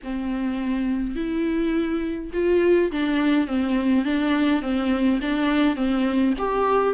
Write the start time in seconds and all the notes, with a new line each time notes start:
0.03 C4
1.15 E4
2.33 F4
2.91 D4
3.47 C4
4.04 D4
4.62 C4
5.21 D4
5.76 C4
6.38 G4